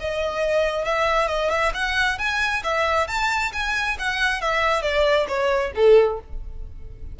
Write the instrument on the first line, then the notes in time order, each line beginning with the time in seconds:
violin
0.00 D#5
0.85 E5
1.27 D#5
1.50 E5
1.74 F#5
2.19 G#5
2.64 E5
3.08 A5
3.53 G#5
3.99 F#5
4.41 E5
4.82 D5
5.28 C#5
5.75 A4